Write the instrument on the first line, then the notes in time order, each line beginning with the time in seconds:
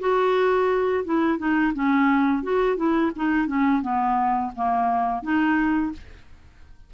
clarinet
0.00 F#4
1.05 E4
1.39 D#4
1.74 C#4
2.44 F#4
2.77 E4
3.16 D#4
3.48 C#4
3.82 B3
4.56 A#3
5.23 D#4